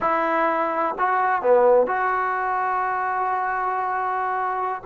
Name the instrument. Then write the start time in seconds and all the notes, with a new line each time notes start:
trombone
0.00 E4
0.98 F#4
1.42 B3
1.86 F#4